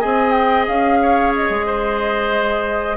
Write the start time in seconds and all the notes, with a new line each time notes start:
0.00 C4 G#4 D#5 G#5
0.31 G5
0.68 C#4 F5
1.02 C#5
1.35 D#5
1.50 G#3
1.66 C5